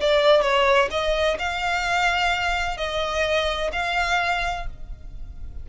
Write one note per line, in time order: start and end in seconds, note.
0.00 0.41 D5
0.41 0.88 C#5
0.90 1.37 D#5
1.38 2.77 F5
2.77 3.70 D#5
3.72 4.66 F5